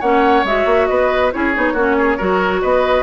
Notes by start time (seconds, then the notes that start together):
0.00 A#3 C#4 C#5 F#5
0.44 G#3 F#4 E5
0.65 A#3
0.87 B3 B4 D#5
1.32 C#4 E4 G#4 C#5
1.54 B3 D#4
1.73 A#3 C#4 F#4
1.98 G#4
2.17 F#3 F#4 A#4
2.62 B3 B4 D#5